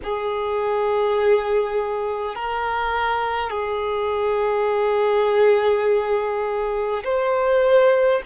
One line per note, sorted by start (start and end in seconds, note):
0.03 2.35 G#4
2.35 3.50 A#4
3.50 7.03 G#4
7.03 8.21 C5